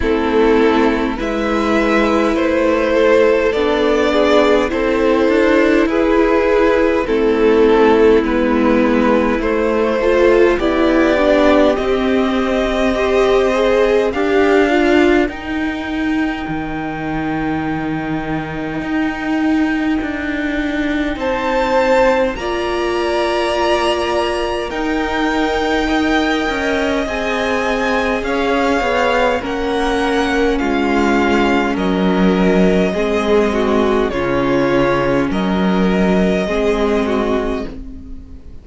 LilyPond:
<<
  \new Staff \with { instrumentName = "violin" } { \time 4/4 \tempo 4 = 51 a'4 e''4 c''4 d''4 | c''4 b'4 a'4 b'4 | c''4 d''4 dis''2 | f''4 g''2.~ |
g''2 a''4 ais''4~ | ais''4 g''2 gis''4 | f''4 fis''4 f''4 dis''4~ | dis''4 cis''4 dis''2 | }
  \new Staff \with { instrumentName = "violin" } { \time 4/4 e'4 b'4. a'4 gis'8 | a'4 gis'4 e'2~ | e'8 a'8 g'2 c''4 | ais'1~ |
ais'2 c''4 d''4~ | d''4 ais'4 dis''2 | cis''4 ais'4 f'4 ais'4 | gis'8 fis'8 f'4 ais'4 gis'8 fis'8 | }
  \new Staff \with { instrumentName = "viola" } { \time 4/4 c'4 e'2 d'4 | e'2 c'4 b4 | a8 f'8 e'8 d'8 c'4 g'8 gis'8 | g'8 f'8 dis'2.~ |
dis'2. f'4~ | f'4 dis'4 ais'4 gis'4~ | gis'4 cis'2. | c'4 cis'2 c'4 | }
  \new Staff \with { instrumentName = "cello" } { \time 4/4 a4 gis4 a4 b4 | c'8 d'8 e'4 a4 gis4 | a4 b4 c'2 | d'4 dis'4 dis2 |
dis'4 d'4 c'4 ais4~ | ais4 dis'4. cis'8 c'4 | cis'8 b8 ais4 gis4 fis4 | gis4 cis4 fis4 gis4 | }
>>